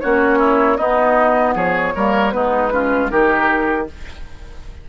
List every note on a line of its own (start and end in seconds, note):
0.00 0.79 A#3
0.00 0.78 C#4
0.00 0.39 F#4
0.00 0.77 C#5
0.39 0.77 E4
0.77 1.93 B3
0.77 1.55 B3
0.77 1.55 D#4
0.77 1.54 D#5
1.55 1.93 F3
1.55 1.93 G#4
1.55 2.32 C#5
1.95 2.34 G3
1.95 2.30 A#3
1.95 2.34 A#4
2.30 3.12 G#3
2.30 2.69 B3
2.30 2.73 D#4
2.30 3.09 B4
2.72 3.10 C#4
2.72 3.11 F4
3.10 3.89 D#3
3.10 3.87 D#4
3.10 3.88 G4
3.10 3.87 A#4